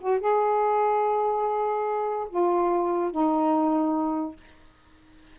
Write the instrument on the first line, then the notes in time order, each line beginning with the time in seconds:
saxophone
0.00 F#4
0.20 G#4
2.29 F4
3.11 D#4